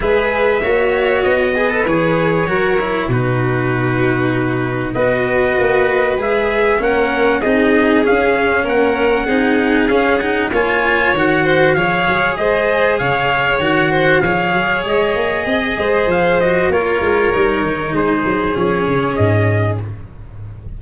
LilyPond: <<
  \new Staff \with { instrumentName = "trumpet" } { \time 4/4 \tempo 4 = 97 e''2 dis''4 cis''4~ | cis''4 b'2. | dis''2 e''4 fis''4 | dis''4 f''4 fis''2 |
f''8 fis''8 gis''4 fis''4 f''4 | dis''4 f''4 fis''4 f''4 | dis''2 f''8 dis''8 cis''4~ | cis''4 c''4 cis''4 dis''4 | }
  \new Staff \with { instrumentName = "violin" } { \time 4/4 b'4 cis''4. b'4. | ais'4 fis'2. | b'2. ais'4 | gis'2 ais'4 gis'4~ |
gis'4 cis''4. c''8 cis''4 | c''4 cis''4. c''8 cis''4~ | cis''4 dis''8 c''4. ais'4~ | ais'4 gis'2. | }
  \new Staff \with { instrumentName = "cello" } { \time 4/4 gis'4 fis'4. gis'16 a'16 gis'4 | fis'8 e'8 dis'2. | fis'2 gis'4 cis'4 | dis'4 cis'2 dis'4 |
cis'8 dis'8 f'4 fis'4 gis'4~ | gis'2 fis'4 gis'4~ | gis'2~ gis'8 fis'8 f'4 | dis'2 cis'2 | }
  \new Staff \with { instrumentName = "tuba" } { \time 4/4 gis4 ais4 b4 e4 | fis4 b,2. | b4 ais4 gis4 ais4 | c'4 cis'4 ais4 c'4 |
cis'4 ais4 dis4 f8 fis8 | gis4 cis4 dis4 f8 fis8 | gis8 ais8 c'8 gis8 f4 ais8 gis8 | g8 dis8 gis8 fis8 f8 cis8 gis,4 | }
>>